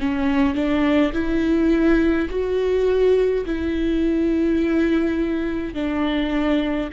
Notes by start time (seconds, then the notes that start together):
0.00 C#4
0.55 D4
1.13 E4
2.30 F#4
3.46 E4
5.74 D4